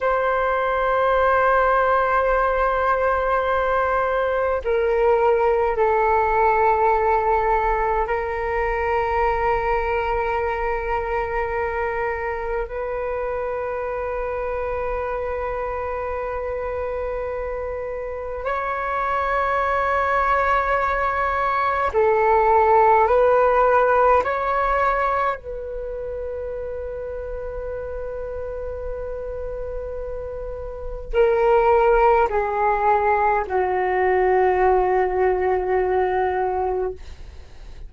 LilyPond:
\new Staff \with { instrumentName = "flute" } { \time 4/4 \tempo 4 = 52 c''1 | ais'4 a'2 ais'4~ | ais'2. b'4~ | b'1 |
cis''2. a'4 | b'4 cis''4 b'2~ | b'2. ais'4 | gis'4 fis'2. | }